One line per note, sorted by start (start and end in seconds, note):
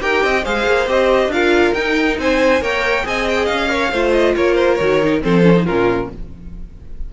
0.00 0.24 D#4
0.00 0.43 G4
0.00 0.24 A#4
0.00 0.45 G5
0.24 0.45 C4
0.24 0.44 D#5
0.44 0.66 G#3
0.44 0.88 G#4
0.44 1.31 C5
0.44 0.88 F5
0.66 0.87 A#3
0.87 1.28 C4
0.87 1.31 G4
0.87 1.32 D#5
1.28 1.71 D4
1.28 1.76 F4
1.28 2.19 A#4
1.28 1.74 F5
1.74 2.18 D#4
1.74 2.61 D#4
1.74 2.17 G5
2.18 2.61 C4
2.18 2.62 C5
2.18 2.63 G#5
2.61 3.04 A#3
2.61 3.03 A#4
2.61 3.06 C#5
2.61 3.07 G5
3.03 3.49 C4
3.03 3.68 G#4
3.03 3.71 D#5
3.03 3.29 G#5
3.29 3.46 G5
3.46 3.92 C#4
3.46 4.11 F5
3.68 3.90 A#4
3.68 3.91 C#5
3.91 4.35 A3
3.91 4.80 F4
3.91 4.35 C5
4.12 4.34 D#5
4.36 4.80 A#3
4.36 5.23 A#4
4.36 4.55 C#5
4.55 4.75 C5
4.75 5.24 D#3
4.75 5.02 F#4
4.75 5.19 C#5
5.02 5.21 D#4
5.21 5.68 F3
5.21 5.43 C4
5.21 5.65 A4
5.21 5.66 C5
5.43 5.54 C#4
5.56 5.66 D#4
5.65 6.13 A#2
5.65 6.11 C#4
5.65 6.09 F4
5.65 6.09 A#4